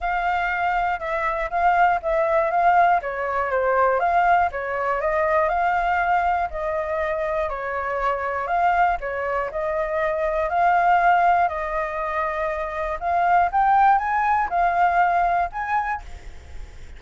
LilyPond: \new Staff \with { instrumentName = "flute" } { \time 4/4 \tempo 4 = 120 f''2 e''4 f''4 | e''4 f''4 cis''4 c''4 | f''4 cis''4 dis''4 f''4~ | f''4 dis''2 cis''4~ |
cis''4 f''4 cis''4 dis''4~ | dis''4 f''2 dis''4~ | dis''2 f''4 g''4 | gis''4 f''2 gis''4 | }